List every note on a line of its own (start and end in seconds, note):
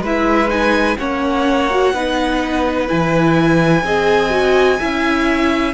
0.00 0.95 G#3
0.00 0.47 E4
0.00 0.97 B4
0.00 0.49 E5
0.47 0.95 D#4
0.47 0.97 G#5
0.97 1.93 A#3
0.97 1.70 C#4
0.97 1.94 C#5
0.97 2.88 F#5
1.70 1.93 F#4
1.93 2.88 B3
1.93 2.87 D#4
1.93 3.84 B4
2.87 3.83 E3
2.87 3.83 E4
2.87 5.73 G#5
3.83 4.78 C4
3.83 4.29 G#4
3.83 4.79 D#5
4.29 4.77 F#4
4.79 5.73 C#4
4.79 5.73 E4
4.79 5.73 E5